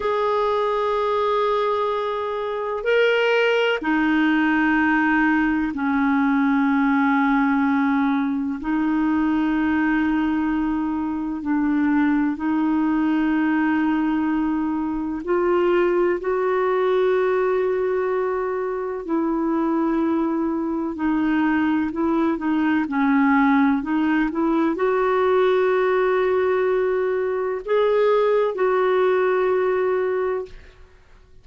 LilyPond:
\new Staff \with { instrumentName = "clarinet" } { \time 4/4 \tempo 4 = 63 gis'2. ais'4 | dis'2 cis'2~ | cis'4 dis'2. | d'4 dis'2. |
f'4 fis'2. | e'2 dis'4 e'8 dis'8 | cis'4 dis'8 e'8 fis'2~ | fis'4 gis'4 fis'2 | }